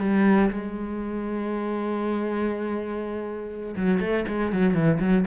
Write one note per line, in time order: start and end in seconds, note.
0.00 0.50 G3
0.50 3.75 G#3
3.76 4.00 F#3
4.00 4.25 A3
4.28 4.52 G#3
4.52 4.74 F#3
4.74 4.99 E3
5.00 5.25 F#3